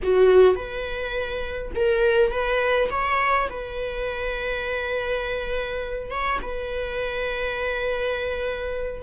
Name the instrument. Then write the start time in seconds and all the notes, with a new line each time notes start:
viola
0.03 F#4
0.55 B4
1.75 A#4
2.31 B4
2.90 C#5
3.50 B4
6.10 C#5
6.42 B4